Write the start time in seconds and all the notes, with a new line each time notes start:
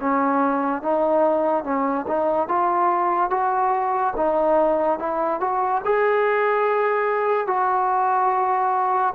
0.00 C#4
0.82 D#4
1.64 C#4
2.07 D#4
2.48 F4
3.30 F#4
4.16 D#4
4.99 E4
5.40 F#4
5.84 G#4
7.47 F#4